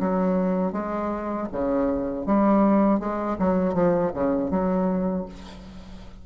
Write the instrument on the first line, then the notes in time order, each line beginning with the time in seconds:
bassoon
0.00 F#3
0.73 G#3
1.52 C#3
2.26 G3
3.00 G#3
3.39 F#3
3.74 F3
4.14 C#3
4.51 F#3